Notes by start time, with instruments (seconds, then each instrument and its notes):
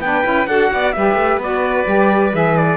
0.00 cello B3, saxophone D4, violin B4, trumpet G5
0.24 cello C#4, saxophone E4
0.47 cello D4, saxophone F#4, violin A4, trumpet F#5
0.72 cello B3, violin D5
0.93 cello G3, saxophone G4, violin B4, trumpet E5
1.15 cello A3
1.38 cello B3, saxophone F#4, trumpet D5
1.86 cello G3, saxophone G4
2.33 cello E3, saxophone G#4, trumpet E5
2.58 trumpet D5